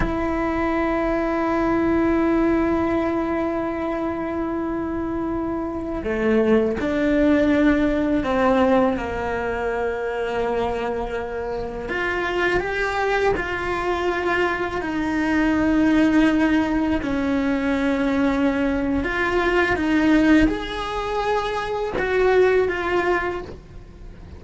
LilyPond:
\new Staff \with { instrumentName = "cello" } { \time 4/4 \tempo 4 = 82 e'1~ | e'1~ | e'16 a4 d'2 c'8.~ | c'16 ais2.~ ais8.~ |
ais16 f'4 g'4 f'4.~ f'16~ | f'16 dis'2. cis'8.~ | cis'2 f'4 dis'4 | gis'2 fis'4 f'4 | }